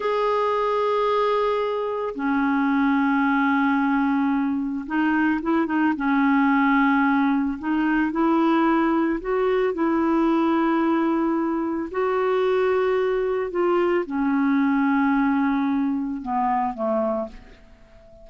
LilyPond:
\new Staff \with { instrumentName = "clarinet" } { \time 4/4 \tempo 4 = 111 gis'1 | cis'1~ | cis'4 dis'4 e'8 dis'8 cis'4~ | cis'2 dis'4 e'4~ |
e'4 fis'4 e'2~ | e'2 fis'2~ | fis'4 f'4 cis'2~ | cis'2 b4 a4 | }